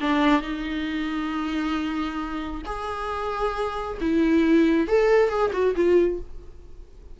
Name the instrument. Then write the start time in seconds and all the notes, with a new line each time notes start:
viola
0.00 D4
0.41 D#4
2.65 G#4
4.00 E4
4.87 A4
5.29 G#4
5.52 F#4
5.75 F4